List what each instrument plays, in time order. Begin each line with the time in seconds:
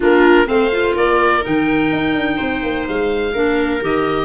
0.00 tuba A#3, clarinet D4, viola F4, oboe A#4
0.46 tuba A3, clarinet C4, viola C5, oboe F5
0.71 clarinet F4
0.94 tuba A#3, viola A#4, oboe D5
1.41 tuba D#3, clarinet D#4, oboe G5
1.92 tuba D#4
2.14 tuba D4
2.37 tuba C4, viola C5
2.63 tuba A#3
2.88 tuba G#3, oboe F5
3.33 tuba A#3, clarinet D4, viola A#4
3.81 tuba D#3, clarinet G4, oboe D#5